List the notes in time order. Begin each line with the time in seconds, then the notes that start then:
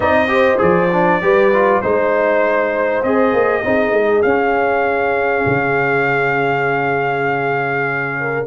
0.00 C4 D#4 D5 D#5
0.28 G4 C5
0.57 F3 G#4 D5
0.91 D4
1.21 G3 G4 B4
1.53 F4
1.81 G#3 D#4 C5
3.03 C4 G#4 D#5
3.33 A#3
3.63 C4 D#4 G#4
3.93 G#3
4.22 C#4 F5
5.45 C#3
8.20 A#4